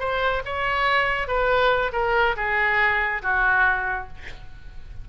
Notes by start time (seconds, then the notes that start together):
0.00 C5
0.45 C#5
1.28 B4
1.93 A#4
2.36 G#4
3.23 F#4